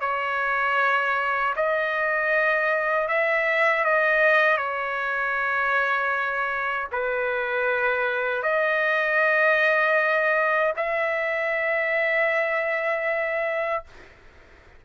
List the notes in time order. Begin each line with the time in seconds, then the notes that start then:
0.00 C#5
1.56 D#5
3.07 E5
3.84 D#5
4.57 C#5
6.92 B4
8.43 D#5
10.76 E5